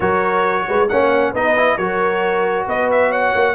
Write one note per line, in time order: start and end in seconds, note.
0.00 0.67 F#3
0.00 0.88 F#4
0.00 0.65 A#4
0.00 0.88 C#5
0.68 0.90 G#3
0.68 0.90 B4
0.88 1.33 A#3
0.88 1.35 C#4
0.88 1.31 C#5
0.88 1.33 F#5
1.31 1.77 B3
1.31 1.56 D#4
1.31 1.76 B4
1.31 1.77 D#5
1.56 1.78 E4
1.77 2.66 F#3
1.77 3.55 F#4
1.77 2.66 A#4
1.77 2.66 C#5
2.66 3.34 B3
2.66 3.09 B4
2.66 2.90 D#5
2.91 3.12 E5
3.09 3.54 C#5
3.09 3.55 F#5
3.35 3.55 A#3